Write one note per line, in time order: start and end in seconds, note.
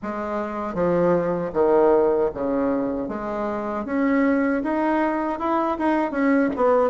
0.02 0.74 G#3
0.74 1.51 F3
1.53 2.30 D#3
2.34 3.08 C#3
3.08 3.85 G#3
3.85 4.62 C#4
4.63 5.39 D#4
5.39 5.77 E4
5.78 6.11 D#4
6.11 6.49 C#4
6.56 6.90 B3